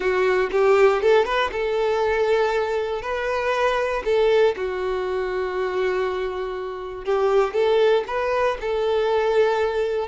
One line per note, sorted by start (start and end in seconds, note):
0.00 0.50 F#4
0.51 1.02 G4
1.02 1.25 A4
1.25 1.50 B4
1.52 3.02 A4
3.02 4.02 B4
4.05 4.55 A4
4.56 7.04 F#4
7.04 7.53 G4
7.53 8.04 A4
8.07 8.57 B4
8.60 10.08 A4